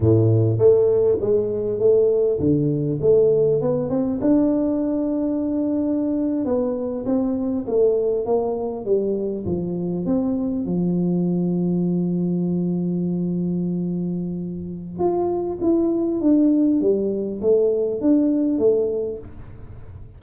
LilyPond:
\new Staff \with { instrumentName = "tuba" } { \time 4/4 \tempo 4 = 100 a,4 a4 gis4 a4 | d4 a4 b8 c'8 d'4~ | d'2~ d'8. b4 c'16~ | c'8. a4 ais4 g4 f16~ |
f8. c'4 f2~ f16~ | f1~ | f4 f'4 e'4 d'4 | g4 a4 d'4 a4 | }